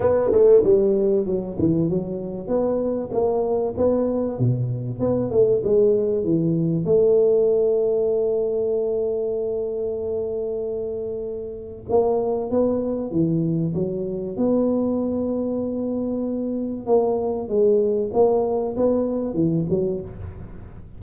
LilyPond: \new Staff \with { instrumentName = "tuba" } { \time 4/4 \tempo 4 = 96 b8 a8 g4 fis8 e8 fis4 | b4 ais4 b4 b,4 | b8 a8 gis4 e4 a4~ | a1~ |
a2. ais4 | b4 e4 fis4 b4~ | b2. ais4 | gis4 ais4 b4 e8 fis8 | }